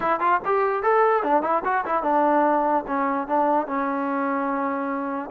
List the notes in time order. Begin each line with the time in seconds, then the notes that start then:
0.00 E4
0.19 F4
0.45 G4
0.83 A4
1.23 D4
1.42 E4
1.64 F#4
1.85 E4
2.02 D4
2.87 C#4
3.27 D4
3.66 C#4